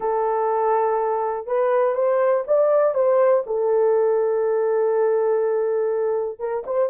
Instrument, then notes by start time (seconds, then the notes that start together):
horn
0.00 A4
1.46 B4
1.94 C5
2.47 D5
2.94 C5
3.46 A4
6.39 A#4
6.66 C5